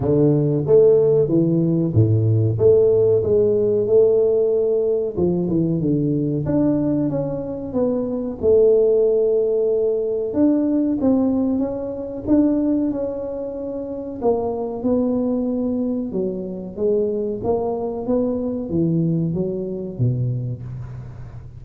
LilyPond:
\new Staff \with { instrumentName = "tuba" } { \time 4/4 \tempo 4 = 93 d4 a4 e4 a,4 | a4 gis4 a2 | f8 e8 d4 d'4 cis'4 | b4 a2. |
d'4 c'4 cis'4 d'4 | cis'2 ais4 b4~ | b4 fis4 gis4 ais4 | b4 e4 fis4 b,4 | }